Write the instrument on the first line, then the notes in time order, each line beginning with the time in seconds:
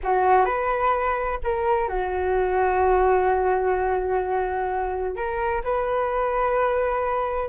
flute
0.03 F#4
0.45 B4
1.43 A#4
1.88 F#4
5.15 A#4
5.64 B4